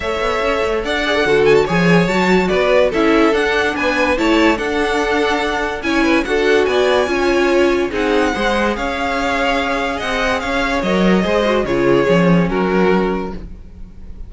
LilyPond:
<<
  \new Staff \with { instrumentName = "violin" } { \time 4/4 \tempo 4 = 144 e''2 fis''4. gis''16 a''16 | gis''4 a''4 d''4 e''4 | fis''4 gis''4 a''4 fis''4~ | fis''2 gis''4 fis''4 |
gis''2. fis''4~ | fis''4 f''2. | fis''4 f''4 dis''2 | cis''2 ais'2 | }
  \new Staff \with { instrumentName = "violin" } { \time 4/4 cis''2 d''4 a'4 | cis''2 b'4 a'4~ | a'4 b'4 cis''4 a'4~ | a'2 cis''8 b'8 a'4 |
d''4 cis''2 gis'4 | c''4 cis''2. | dis''4 cis''2 c''4 | gis'2 fis'2 | }
  \new Staff \with { instrumentName = "viola" } { \time 4/4 a'2~ a'8 gis'16 a'16 fis'4 | gis'4 fis'2 e'4 | d'2 e'4 d'4~ | d'2 e'4 fis'4~ |
fis'4 f'2 dis'4 | gis'1~ | gis'2 ais'4 gis'8 fis'8 | f'4 cis'2. | }
  \new Staff \with { instrumentName = "cello" } { \time 4/4 a8 b8 cis'8 a8 d'4 d4 | f4 fis4 b4 cis'4 | d'4 b4 a4 d'4~ | d'2 cis'4 d'4 |
b4 cis'2 c'4 | gis4 cis'2. | c'4 cis'4 fis4 gis4 | cis4 f4 fis2 | }
>>